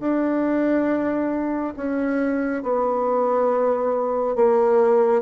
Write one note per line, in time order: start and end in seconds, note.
0.00 1.74 D4
1.76 2.63 C#4
2.63 4.36 B3
4.36 5.22 A#3